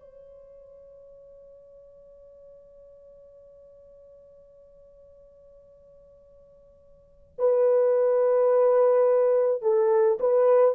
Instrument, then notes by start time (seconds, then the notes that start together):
horn
0.00 C#5
7.39 B4
9.62 A4
10.20 B4